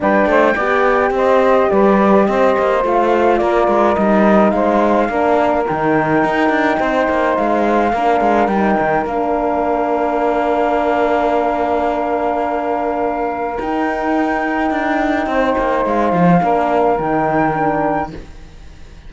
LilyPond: <<
  \new Staff \with { instrumentName = "flute" } { \time 4/4 \tempo 4 = 106 g''2 dis''4 d''4 | dis''4 f''4 d''4 dis''4 | f''2 g''2~ | g''4 f''2 g''4 |
f''1~ | f''1 | g''1 | f''2 g''2 | }
  \new Staff \with { instrumentName = "saxophone" } { \time 4/4 b'8 c''8 d''4 c''4 b'4 | c''2 ais'2 | c''4 ais'2. | c''2 ais'2~ |
ais'1~ | ais'1~ | ais'2. c''4~ | c''4 ais'2. | }
  \new Staff \with { instrumentName = "horn" } { \time 4/4 d'4 g'2.~ | g'4 f'2 dis'4~ | dis'4 d'4 dis'2~ | dis'2 d'4 dis'4 |
d'1~ | d'1 | dis'1~ | dis'4 d'4 dis'4 d'4 | }
  \new Staff \with { instrumentName = "cello" } { \time 4/4 g8 a8 b4 c'4 g4 | c'8 ais8 a4 ais8 gis8 g4 | gis4 ais4 dis4 dis'8 d'8 | c'8 ais8 gis4 ais8 gis8 g8 dis8 |
ais1~ | ais1 | dis'2 d'4 c'8 ais8 | gis8 f8 ais4 dis2 | }
>>